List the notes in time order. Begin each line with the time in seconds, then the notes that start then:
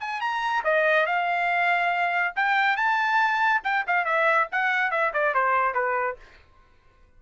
0.00 G#5
0.21 A#5
0.64 D#5
1.06 F5
2.36 G5
2.76 A5
3.63 G5
3.87 F5
4.05 E5
4.51 F#5
4.91 E5
5.13 D5
5.34 C5
5.74 B4